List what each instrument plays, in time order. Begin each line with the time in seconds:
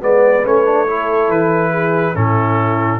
0.00 tuba G#3, trombone B3, horn B4, trumpet D5
0.43 tuba A3, trombone C#4, trumpet C#5
0.64 trombone D4
0.86 trombone E4, horn A4
1.28 tuba E3, trumpet B4
1.71 horn G#4
2.14 tuba A2, trombone C#4, horn E4, trumpet A4